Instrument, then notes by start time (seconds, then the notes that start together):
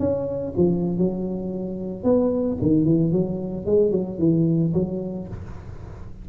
tuba
0.00 C#4
0.57 F3
0.98 F#3
2.04 B3
2.62 D#3
2.85 E3
3.12 F#3
3.66 G#3
3.92 F#3
4.19 E3
4.74 F#3